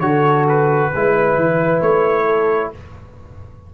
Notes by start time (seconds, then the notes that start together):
0.00 D3 F#4 A4 C#5
0.48 B4
0.92 G#3 E4 B4
1.35 E3
1.81 A3 C#5
2.24 A4